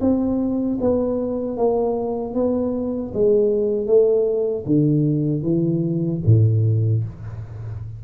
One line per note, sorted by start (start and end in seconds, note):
0.00 0.78 C4
0.80 1.57 B3
1.57 2.34 A#3
2.34 3.12 B3
3.13 3.86 G#3
3.86 4.64 A3
4.65 5.43 D3
5.43 6.21 E3
6.26 7.03 A2